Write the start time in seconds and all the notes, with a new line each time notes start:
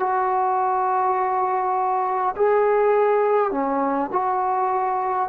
0.00 F#4
2.36 G#4
3.51 C#4
4.12 F#4